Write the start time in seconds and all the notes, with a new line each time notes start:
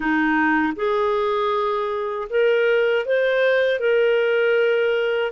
0.00 D#4
0.76 G#4
2.29 A#4
3.05 C5
3.79 A#4